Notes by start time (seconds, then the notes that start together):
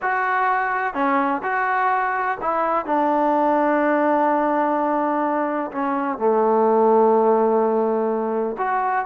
0.02 F#4
0.94 C#4
1.42 F#4
2.41 E4
2.85 D4
5.71 C#4
6.18 A3
8.58 F#4